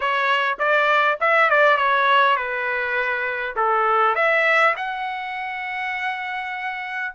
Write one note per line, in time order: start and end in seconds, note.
0.00 0.58 C#5
0.58 1.18 D5
1.20 1.50 E5
1.50 1.77 D5
1.77 2.36 C#5
2.36 3.55 B4
3.56 4.15 A4
4.15 4.74 E5
4.76 7.14 F#5